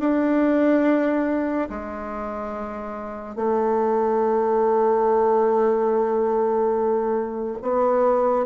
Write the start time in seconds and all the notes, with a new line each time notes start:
0.00 D4
1.70 G#3
3.36 A3
7.62 B3